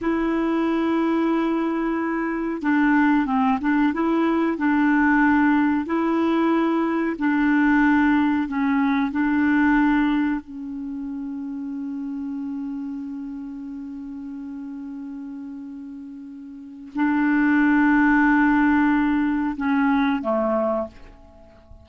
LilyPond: \new Staff \with { instrumentName = "clarinet" } { \time 4/4 \tempo 4 = 92 e'1 | d'4 c'8 d'8 e'4 d'4~ | d'4 e'2 d'4~ | d'4 cis'4 d'2 |
cis'1~ | cis'1~ | cis'2 d'2~ | d'2 cis'4 a4 | }